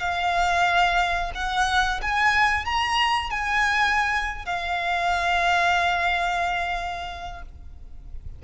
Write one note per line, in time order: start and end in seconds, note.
0.00 1.32 F5
1.35 2.00 F#5
2.02 2.65 G#5
2.65 3.30 A#5
3.30 4.45 G#5
4.45 7.42 F5